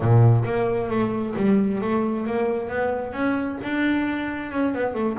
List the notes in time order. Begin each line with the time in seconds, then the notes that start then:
0.00 A#2
0.44 A#3
0.89 A3
1.36 G3
1.81 A3
2.26 A#3
2.68 B3
3.13 C#4
3.63 D4
4.51 C#4
4.74 B3
4.93 A3